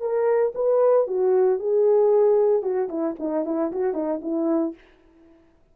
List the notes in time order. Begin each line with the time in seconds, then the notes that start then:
0.00 A#4
0.55 B4
1.07 F#4
1.59 G#4
2.62 F#4
2.89 E4
3.19 D#4
3.45 E4
3.72 F#4
3.93 D#4
4.22 E4